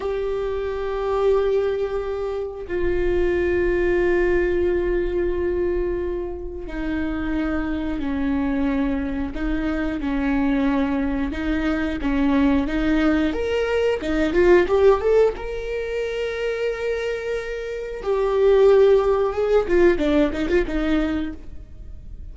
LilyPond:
\new Staff \with { instrumentName = "viola" } { \time 4/4 \tempo 4 = 90 g'1 | f'1~ | f'2 dis'2 | cis'2 dis'4 cis'4~ |
cis'4 dis'4 cis'4 dis'4 | ais'4 dis'8 f'8 g'8 a'8 ais'4~ | ais'2. g'4~ | g'4 gis'8 f'8 d'8 dis'16 f'16 dis'4 | }